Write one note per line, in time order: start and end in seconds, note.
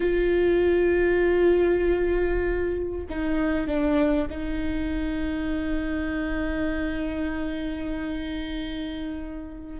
0.00 3.06 F4
3.09 3.67 D#4
3.67 4.28 D4
4.30 9.79 D#4